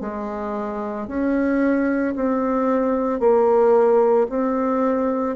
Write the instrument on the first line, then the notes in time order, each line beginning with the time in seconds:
bassoon
0.00 G#3
1.07 C#4
2.15 C4
3.19 A#3
4.29 C4